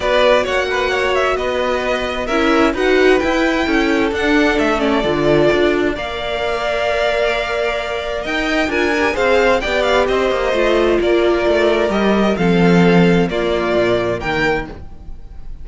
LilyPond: <<
  \new Staff \with { instrumentName = "violin" } { \time 4/4 \tempo 4 = 131 d''4 fis''4. e''8 dis''4~ | dis''4 e''4 fis''4 g''4~ | g''4 fis''4 e''8 d''4.~ | d''4 f''2.~ |
f''2 g''4 gis''4 | f''4 g''8 f''8 dis''2 | d''2 dis''4 f''4~ | f''4 d''2 g''4 | }
  \new Staff \with { instrumentName = "violin" } { \time 4/4 b'4 cis''8 b'8 cis''4 b'4~ | b'4 ais'4 b'2 | a'1~ | a'4 d''2.~ |
d''2 dis''4 ais'4 | c''4 d''4 c''2 | ais'2. a'4~ | a'4 f'2 ais'4 | }
  \new Staff \with { instrumentName = "viola" } { \time 4/4 fis'1~ | fis'4 e'4 fis'4 e'4~ | e'4 d'4. cis'8 f'4~ | f'4 ais'2.~ |
ais'2. f'8 g'8 | gis'4 g'2 f'4~ | f'2 g'4 c'4~ | c'4 ais2. | }
  \new Staff \with { instrumentName = "cello" } { \time 4/4 b4 ais2 b4~ | b4 cis'4 dis'4 e'4 | cis'4 d'4 a4 d4 | d'4 ais2.~ |
ais2 dis'4 d'4 | c'4 b4 c'8 ais8 a4 | ais4 a4 g4 f4~ | f4 ais4 ais,4 dis4 | }
>>